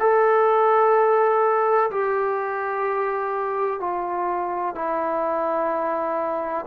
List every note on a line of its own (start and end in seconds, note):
0.00 1.90 A4
1.91 3.80 G4
3.80 4.75 F4
4.75 6.66 E4